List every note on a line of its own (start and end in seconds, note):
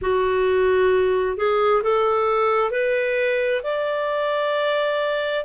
0.01 1.37 F#4
1.37 1.82 G#4
1.83 2.70 A4
2.70 3.61 B4
3.63 5.45 D5